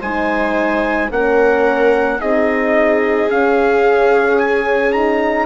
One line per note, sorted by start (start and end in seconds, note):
0.00 1.11 G#3
0.00 1.11 D#4
0.00 1.09 C5
0.00 1.11 G#5
1.11 2.20 A#3
1.11 2.20 C#4
1.11 2.20 A#4
1.11 2.21 F#5
2.20 3.31 C4
2.20 3.29 D#4
2.20 5.47 G#4
2.20 3.30 D#5
3.29 4.93 C#4
3.29 5.47 C#4
3.29 4.39 F5
4.39 4.92 G#5
4.92 5.47 D#4
4.92 5.47 A#5